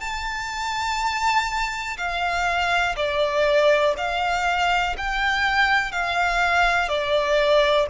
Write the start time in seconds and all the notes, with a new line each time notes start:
0.00 A5
1.97 F5
2.96 D5
3.97 F5
4.97 G5
5.92 F5
6.88 D5